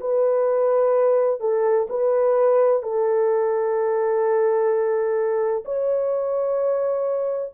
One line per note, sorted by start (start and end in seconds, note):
0.00 1.40 B4
1.40 1.87 A4
1.89 2.83 B4
2.83 5.64 A4
5.65 7.53 C#5